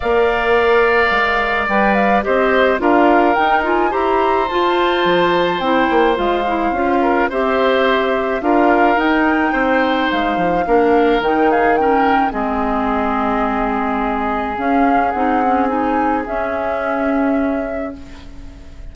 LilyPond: <<
  \new Staff \with { instrumentName = "flute" } { \time 4/4 \tempo 4 = 107 f''2. g''8 f''8 | dis''4 f''4 g''8 gis''8 ais''4 | a''2 g''4 f''4~ | f''4 e''2 f''4 |
g''2 f''2 | g''8 f''8 g''4 dis''2~ | dis''2 f''4 fis''4 | gis''4 e''2. | }
  \new Staff \with { instrumentName = "oboe" } { \time 4/4 d''1 | c''4 ais'2 c''4~ | c''1~ | c''8 ais'8 c''2 ais'4~ |
ais'4 c''2 ais'4~ | ais'8 gis'8 ais'4 gis'2~ | gis'1~ | gis'1 | }
  \new Staff \with { instrumentName = "clarinet" } { \time 4/4 ais'2. b'4 | g'4 f'4 dis'8 f'8 g'4 | f'2 e'4 f'8 e'8 | f'4 g'2 f'4 |
dis'2. d'4 | dis'4 cis'4 c'2~ | c'2 cis'4 dis'8 cis'8 | dis'4 cis'2. | }
  \new Staff \with { instrumentName = "bassoon" } { \time 4/4 ais2 gis4 g4 | c'4 d'4 dis'4 e'4 | f'4 f4 c'8 ais8 gis4 | cis'4 c'2 d'4 |
dis'4 c'4 gis8 f8 ais4 | dis2 gis2~ | gis2 cis'4 c'4~ | c'4 cis'2. | }
>>